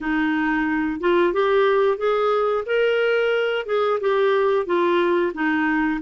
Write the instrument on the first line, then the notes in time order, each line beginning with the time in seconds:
clarinet
0.00 D#4
1.00 F4
1.33 G4
1.97 G#4
2.65 A#4
3.66 G#4
4.00 G4
4.65 F4
5.33 D#4